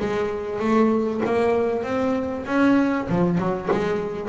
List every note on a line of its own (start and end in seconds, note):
0.00 0.59 G#3
0.59 1.21 A3
1.25 1.83 A#3
1.83 2.45 C4
2.46 3.08 C#4
3.09 3.38 F3
3.38 3.69 F#3
3.71 4.29 G#3